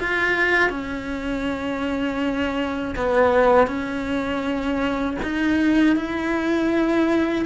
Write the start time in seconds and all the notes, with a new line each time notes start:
0.00 F4
0.70 C#4
2.96 B3
3.67 C#4
5.23 D#4
5.97 E4